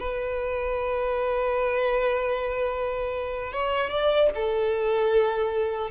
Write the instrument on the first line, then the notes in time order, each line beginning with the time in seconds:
violin
0.00 B4
3.53 C#5
3.90 D5
4.35 A4